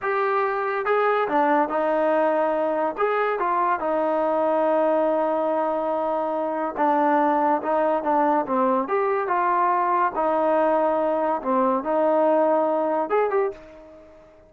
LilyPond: \new Staff \with { instrumentName = "trombone" } { \time 4/4 \tempo 4 = 142 g'2 gis'4 d'4 | dis'2. gis'4 | f'4 dis'2.~ | dis'1 |
d'2 dis'4 d'4 | c'4 g'4 f'2 | dis'2. c'4 | dis'2. gis'8 g'8 | }